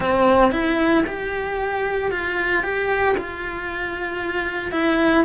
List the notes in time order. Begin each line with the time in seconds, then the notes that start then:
0.00 C4
0.51 E4
1.06 G4
2.11 F4
2.63 G4
3.17 F4
4.71 E4